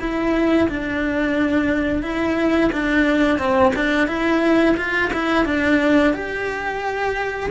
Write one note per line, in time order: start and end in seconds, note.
0.00 0.68 E4
0.68 2.02 D4
2.02 2.70 E4
2.72 3.38 D4
3.38 3.72 C4
3.75 4.07 D4
4.07 4.75 E4
4.76 5.10 F4
5.13 5.45 E4
5.45 6.13 D4
6.13 7.50 G4